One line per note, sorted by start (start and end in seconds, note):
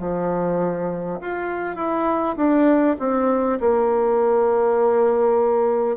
0.00 1.20 F3
1.22 1.76 F4
1.76 2.36 E4
2.37 2.97 D4
3.00 3.60 C4
3.61 5.97 A#3